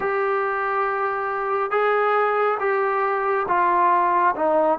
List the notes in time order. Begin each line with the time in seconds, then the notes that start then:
0.00 G4
1.70 G#4
2.59 G4
3.47 F4
4.35 D#4